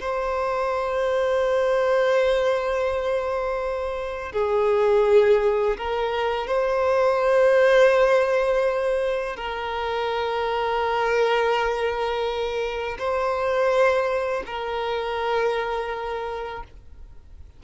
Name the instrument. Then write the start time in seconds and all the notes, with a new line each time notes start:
violin
0.00 C5
4.32 G#4
5.77 A#4
6.47 C5
9.36 A#4
12.98 C5
14.46 A#4